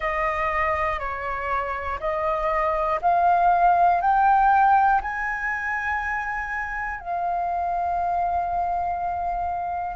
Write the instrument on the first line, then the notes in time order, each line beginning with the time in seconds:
flute
0.00 D#5
0.99 C#5
2.00 D#5
3.01 F5
4.01 G5
5.01 G#5
7.00 F5